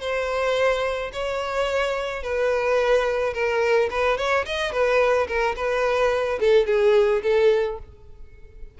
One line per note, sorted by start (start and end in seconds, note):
0.00 1.11 C5
1.12 2.22 C#5
2.22 3.33 B4
3.33 3.89 A#4
3.90 4.17 B4
4.17 4.45 C#5
4.45 4.71 D#5
4.71 5.27 B4
5.27 5.55 A#4
5.56 6.39 B4
6.40 6.66 A4
6.66 7.21 G#4
7.22 7.78 A4